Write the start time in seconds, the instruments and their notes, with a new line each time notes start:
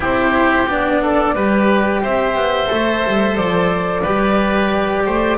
0.00 double bass C4, cello E4, oboe G4, flute C5
0.67 double bass B3, cello D4, flute D5
1.02 oboe A4
1.34 double bass G3, cello G4, oboe B4
2.01 double bass C4, oboe C5, flute E5
2.35 double bass B3
2.66 double bass A3, cello A4
3.06 double bass G3
3.36 double bass F3, flute D5
4.02 double bass G3, cello G4, oboe B4
5.05 double bass A3, oboe C5